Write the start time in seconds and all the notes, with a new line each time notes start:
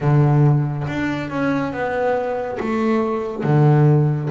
0.00 D3
0.87 D4
1.30 C#4
1.72 B3
2.59 A3
3.43 D3